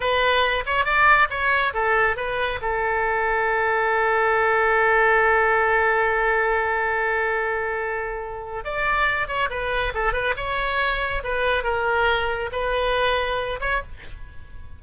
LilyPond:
\new Staff \with { instrumentName = "oboe" } { \time 4/4 \tempo 4 = 139 b'4. cis''8 d''4 cis''4 | a'4 b'4 a'2~ | a'1~ | a'1~ |
a'1 | d''4. cis''8 b'4 a'8 b'8 | cis''2 b'4 ais'4~ | ais'4 b'2~ b'8 cis''8 | }